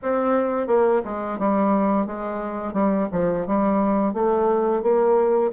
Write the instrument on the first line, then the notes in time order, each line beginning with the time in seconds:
bassoon
0.02 C4
0.67 A#3
1.04 G#3
1.38 G3
2.06 G#3
2.73 G3
3.12 F3
3.46 G3
4.13 A3
4.82 A#3